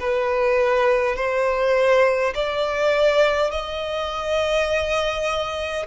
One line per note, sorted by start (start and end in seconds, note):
0.00 1.16 B4
1.16 2.34 C5
2.35 3.51 D5
3.51 5.86 D#5